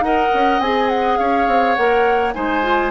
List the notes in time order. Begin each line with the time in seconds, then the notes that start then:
0.00 D#4 A#4 D#5 F#5
0.33 C#4
0.59 C4 G#4 G#5
0.88 F#5
1.17 C#4 C#5 F5
1.47 C4
1.75 A#3 A#4 F#5
2.34 G#3 D#4 C5 G#5
2.62 F4